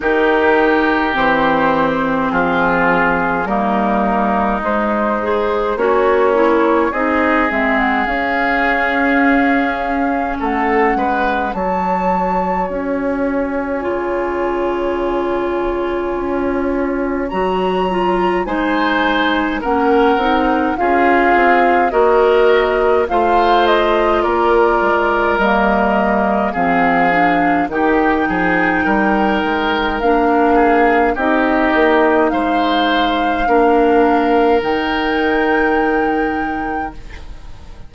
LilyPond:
<<
  \new Staff \with { instrumentName = "flute" } { \time 4/4 \tempo 4 = 52 ais'4 c''4 gis'4 ais'4 | c''4 cis''4 dis''8 e''16 fis''16 f''4~ | f''4 fis''4 a''4 gis''4~ | gis''2. ais''4 |
gis''4 fis''4 f''4 dis''4 | f''8 dis''8 d''4 dis''4 f''4 | g''2 f''4 dis''4 | f''2 g''2 | }
  \new Staff \with { instrumentName = "oboe" } { \time 4/4 g'2 f'4 dis'4~ | dis'4 cis'4 gis'2~ | gis'4 a'8 b'8 cis''2~ | cis''1 |
c''4 ais'4 gis'4 ais'4 | c''4 ais'2 gis'4 | g'8 gis'8 ais'4. gis'8 g'4 | c''4 ais'2. | }
  \new Staff \with { instrumentName = "clarinet" } { \time 4/4 dis'4 c'2 ais4 | gis8 gis'8 fis'8 e'8 dis'8 c'8 cis'4~ | cis'2 fis'2 | f'2. fis'8 f'8 |
dis'4 cis'8 dis'8 f'4 fis'4 | f'2 ais4 c'8 d'8 | dis'2 d'4 dis'4~ | dis'4 d'4 dis'2 | }
  \new Staff \with { instrumentName = "bassoon" } { \time 4/4 dis4 e4 f4 g4 | gis4 ais4 c'8 gis8 cis'4~ | cis'4 a8 gis8 fis4 cis'4 | cis2 cis'4 fis4 |
gis4 ais8 c'8 cis'8 c'8 ais4 | a4 ais8 gis8 g4 f4 | dis8 f8 g8 gis8 ais4 c'8 ais8 | gis4 ais4 dis2 | }
>>